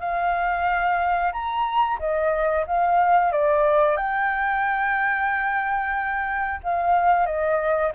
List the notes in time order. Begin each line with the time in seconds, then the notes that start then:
0.00 F5
1.32 A#5
1.99 D#5
2.67 F5
3.32 D5
3.97 G5
6.63 F5
7.26 D#5